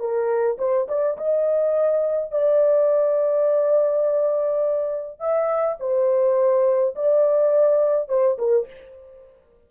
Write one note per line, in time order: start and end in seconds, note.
0.00 0.58 A#4
0.58 0.87 C5
0.88 1.17 D5
1.18 2.32 D#5
2.32 5.20 D5
5.20 5.78 E5
5.80 6.95 C5
6.95 8.09 D5
8.09 8.38 C5
8.39 8.67 A#4